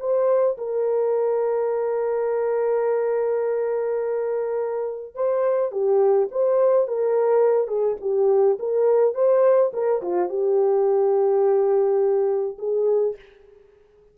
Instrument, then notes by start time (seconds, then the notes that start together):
horn
0.00 C5
0.58 A#4
5.15 C5
5.72 G4
6.32 C5
6.88 A#4
7.68 G#4
8.01 G4
8.60 A#4
9.15 C5
9.74 A#4
10.02 F4
10.30 G4
12.59 G#4